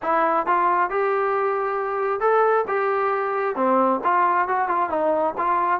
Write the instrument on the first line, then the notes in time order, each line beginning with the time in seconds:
trombone
0.02 E4
0.46 F4
0.90 G4
2.20 A4
2.67 G4
3.55 C4
4.04 F4
4.48 F#4
4.68 F4
4.89 D#4
5.37 F4